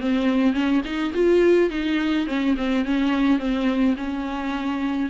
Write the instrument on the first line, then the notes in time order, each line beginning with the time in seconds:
viola
0.00 C4
0.54 C#4
0.85 D#4
1.14 F4
1.70 D#4
2.27 C#4
2.57 C4
2.85 C#4
3.39 C4
3.97 C#4